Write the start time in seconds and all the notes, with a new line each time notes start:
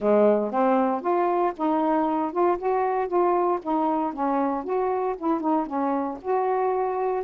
0.00 G#3
0.51 C4
1.01 F4
1.56 D#4
2.31 F4
2.58 F#4
3.07 F4
3.62 D#4
4.13 C#4
4.63 F#4
5.17 E4
5.40 D#4
5.66 C#4
6.21 F#4